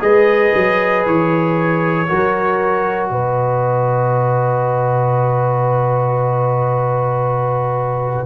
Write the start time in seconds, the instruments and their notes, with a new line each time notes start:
0.00 tuba G#3, trombone G#4, horn B4, trumpet D#5
0.54 tuba F#3
1.06 tuba E3, trumpet C#5
2.08 tuba F#3, trombone F#4, horn A#4
3.08 tuba B2, horn B4, trumpet D#5